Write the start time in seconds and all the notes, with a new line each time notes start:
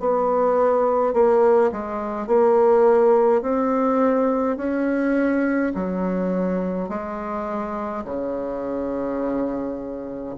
0.00 B3
1.14 A#3
1.72 G#3
2.28 A#3
3.42 C4
4.57 C#4
5.75 F#3
6.89 G#3
8.05 C#3